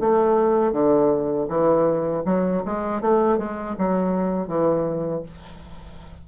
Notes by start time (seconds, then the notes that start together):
0.00 A3
0.72 D3
1.48 E3
2.25 F#3
2.65 G#3
3.01 A3
3.38 G#3
3.78 F#3
4.48 E3